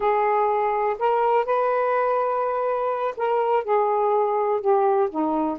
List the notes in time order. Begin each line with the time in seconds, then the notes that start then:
0.00 G#4
0.99 A#4
1.45 B4
3.16 A#4
3.64 G#4
4.61 G4
5.10 D#4